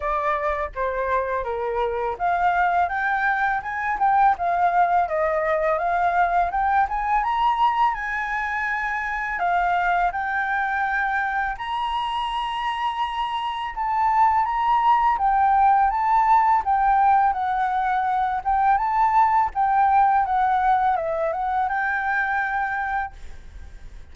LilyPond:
\new Staff \with { instrumentName = "flute" } { \time 4/4 \tempo 4 = 83 d''4 c''4 ais'4 f''4 | g''4 gis''8 g''8 f''4 dis''4 | f''4 g''8 gis''8 ais''4 gis''4~ | gis''4 f''4 g''2 |
ais''2. a''4 | ais''4 g''4 a''4 g''4 | fis''4. g''8 a''4 g''4 | fis''4 e''8 fis''8 g''2 | }